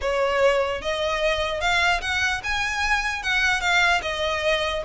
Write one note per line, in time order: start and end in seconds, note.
0.01 0.81 C#5
0.81 1.60 D#5
1.60 2.00 F5
2.01 2.41 F#5
2.43 3.22 G#5
3.22 3.60 F#5
3.60 4.01 F5
4.02 4.82 D#5